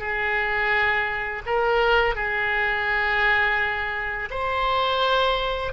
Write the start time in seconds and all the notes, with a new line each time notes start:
0.00 G#4
1.47 A#4
2.16 G#4
4.31 C5